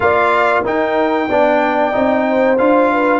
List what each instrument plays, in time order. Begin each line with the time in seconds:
0.00 tuba A#3, trombone F4, horn D5, trumpet F5
0.62 tuba D#4, trombone D#4, horn A#4, trumpet G5
1.28 tuba B3, trombone D4, horn D5
1.92 tuba C4, trombone D#4
2.28 horn C5
2.58 tuba D4, trombone F4, trumpet F5
2.92 horn B4